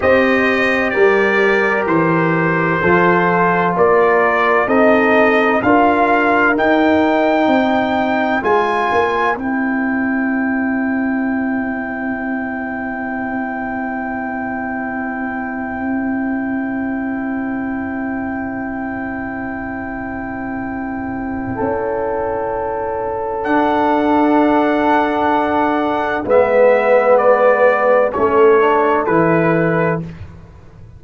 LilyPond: <<
  \new Staff \with { instrumentName = "trumpet" } { \time 4/4 \tempo 4 = 64 dis''4 d''4 c''2 | d''4 dis''4 f''4 g''4~ | g''4 gis''4 g''2~ | g''1~ |
g''1~ | g''1~ | g''4 fis''2. | e''4 d''4 cis''4 b'4 | }
  \new Staff \with { instrumentName = "horn" } { \time 4/4 c''4 ais'2 a'4 | ais'4 a'4 ais'2 | c''1~ | c''1~ |
c''1~ | c''2. a'4~ | a'1 | b'2 a'2 | }
  \new Staff \with { instrumentName = "trombone" } { \time 4/4 g'2. f'4~ | f'4 dis'4 f'4 dis'4~ | dis'4 f'4 e'2~ | e'1~ |
e'1~ | e'1~ | e'4 d'2. | b2 cis'8 d'8 e'4 | }
  \new Staff \with { instrumentName = "tuba" } { \time 4/4 c'4 g4 e4 f4 | ais4 c'4 d'4 dis'4 | c'4 gis8 ais8 c'2~ | c'1~ |
c'1~ | c'2. cis'4~ | cis'4 d'2. | gis2 a4 e4 | }
>>